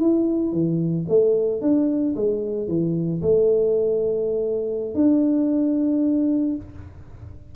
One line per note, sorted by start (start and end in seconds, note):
0.00 0.52 E4
0.52 1.06 E3
1.09 1.62 A3
1.62 2.15 D4
2.16 2.68 G#3
2.68 3.22 E3
3.22 4.95 A3
4.95 6.56 D4